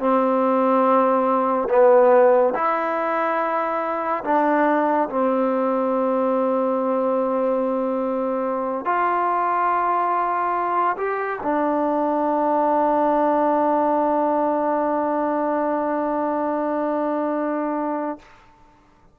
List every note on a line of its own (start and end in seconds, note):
0.00 1.69 C4
1.69 2.54 B3
2.55 4.24 E4
4.24 5.09 D4
5.09 8.85 C4
8.85 10.97 F4
10.97 11.40 G4
11.43 18.19 D4